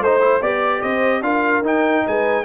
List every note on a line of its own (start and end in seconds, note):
0.00 0.41 A3
0.00 0.20 D#4
0.00 0.42 C5
0.00 0.41 C5
0.20 0.41 E4
0.41 0.82 B3
0.41 1.23 G4
0.41 0.82 D5
0.82 1.21 C4
0.82 1.22 C5
0.82 1.22 D#5
1.21 1.61 D4
1.21 1.63 F4
1.21 2.05 A#4
1.21 1.63 F5
1.61 2.02 D#4
1.61 2.45 D#4
1.61 2.07 G5
2.06 2.45 G#3
2.06 2.45 B4
2.06 2.45 G#5